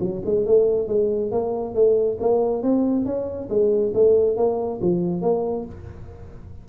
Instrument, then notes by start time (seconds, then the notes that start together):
tuba
0.00 F#3
0.25 G#3
0.46 A3
0.88 G#3
1.31 A#3
1.74 A3
2.20 A#3
2.62 C4
3.05 C#4
3.49 G#3
3.94 A3
4.36 A#3
4.81 F3
5.22 A#3